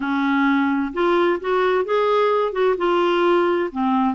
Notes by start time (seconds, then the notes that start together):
0.00 C#4
0.93 F4
1.40 F#4
1.85 G#4
2.52 F#4
2.77 F4
3.71 C4